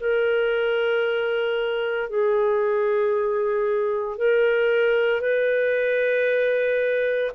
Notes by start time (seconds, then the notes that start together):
0.00 A#4
2.10 G#4
4.18 A#4
5.21 B4